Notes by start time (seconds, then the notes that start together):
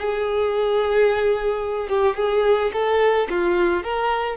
0.00 G#4
1.89 G4
2.17 G#4
2.73 A4
3.30 F4
3.84 A#4